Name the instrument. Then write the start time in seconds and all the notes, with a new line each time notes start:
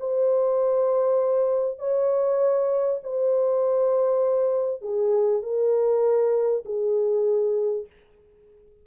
horn
0.00 C5
1.79 C#5
3.04 C5
4.82 G#4
5.43 A#4
6.66 G#4